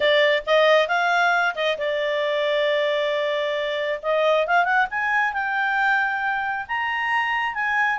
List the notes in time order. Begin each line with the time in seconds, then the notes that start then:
0.00 D5
0.46 D#5
0.88 F5
1.55 D#5
1.77 D5
4.02 D#5
4.47 F5
4.64 F#5
4.90 G#5
5.33 G5
6.67 A#5
7.54 G#5